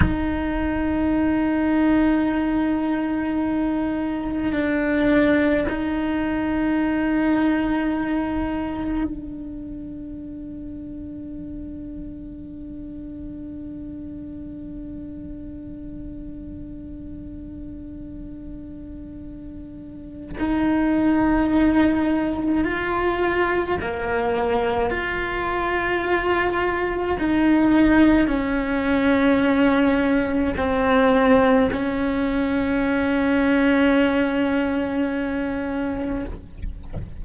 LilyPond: \new Staff \with { instrumentName = "cello" } { \time 4/4 \tempo 4 = 53 dis'1 | d'4 dis'2. | d'1~ | d'1~ |
d'2 dis'2 | f'4 ais4 f'2 | dis'4 cis'2 c'4 | cis'1 | }